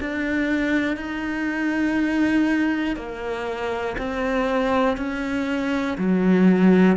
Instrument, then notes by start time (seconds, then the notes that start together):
cello
0.00 D4
0.96 D#4
2.96 A#3
3.98 C4
4.97 C#4
5.98 F#3